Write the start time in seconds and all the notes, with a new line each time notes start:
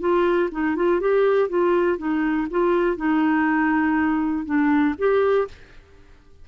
0.00 F4
0.52 D#4
0.76 F4
1.00 G4
1.49 F4
1.98 D#4
2.51 F4
2.97 D#4
4.45 D4
4.98 G4